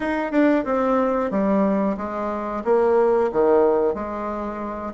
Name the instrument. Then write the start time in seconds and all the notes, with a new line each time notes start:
bassoon
0.00 D#4
0.31 D4
0.64 C4
1.30 G3
1.97 G#3
2.64 A#3
3.32 D#3
3.94 G#3